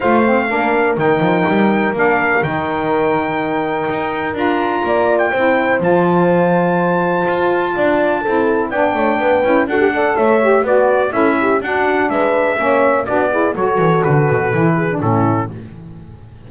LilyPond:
<<
  \new Staff \with { instrumentName = "trumpet" } { \time 4/4 \tempo 4 = 124 f''2 g''2 | f''4 g''2.~ | g''4 ais''4.~ ais''16 g''4~ g''16 | a''1~ |
a''2 g''2 | fis''4 e''4 d''4 e''4 | fis''4 e''2 d''4 | cis''4 b'2 a'4 | }
  \new Staff \with { instrumentName = "horn" } { \time 4/4 c''4 ais'2.~ | ais'1~ | ais'2 d''4 c''4~ | c''1 |
d''4 a'4 d''8 cis''8 b'4 | a'8 d''8 cis''4 b'4 a'8 g'8 | fis'4 b'4 cis''4 fis'8 gis'8 | a'2~ a'8 gis'8 e'4 | }
  \new Staff \with { instrumentName = "saxophone" } { \time 4/4 f'8 c'8 d'4 dis'2 | d'4 dis'2.~ | dis'4 f'2 e'4 | f'1~ |
f'4 e'4 d'4. e'8 | fis'16 g'16 a'4 g'8 fis'4 e'4 | d'2 cis'4 d'8 e'8 | fis'2 e'8. d'16 cis'4 | }
  \new Staff \with { instrumentName = "double bass" } { \time 4/4 a4 ais4 dis8 f8 g4 | ais4 dis2. | dis'4 d'4 ais4 c'4 | f2. f'4 |
d'4 c'4 b8 a8 b8 cis'8 | d'4 a4 b4 cis'4 | d'4 gis4 ais4 b4 | fis8 e8 d8 b,8 e4 a,4 | }
>>